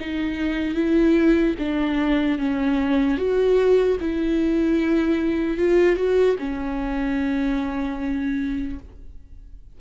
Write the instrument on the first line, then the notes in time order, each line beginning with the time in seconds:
viola
0.00 D#4
0.75 E4
1.59 D4
2.39 C#4
3.18 F#4
4.01 E4
5.58 F4
5.96 F#4
6.39 C#4